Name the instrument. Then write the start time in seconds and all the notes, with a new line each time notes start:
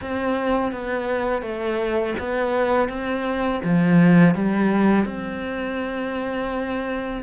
cello
0.01 C4
0.72 B3
1.42 A3
2.19 B3
2.88 C4
3.64 F3
4.34 G3
5.05 C4